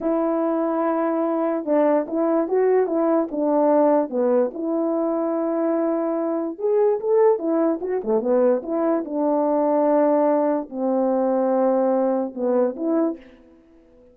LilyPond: \new Staff \with { instrumentName = "horn" } { \time 4/4 \tempo 4 = 146 e'1 | d'4 e'4 fis'4 e'4 | d'2 b4 e'4~ | e'1 |
gis'4 a'4 e'4 fis'8 a8 | b4 e'4 d'2~ | d'2 c'2~ | c'2 b4 e'4 | }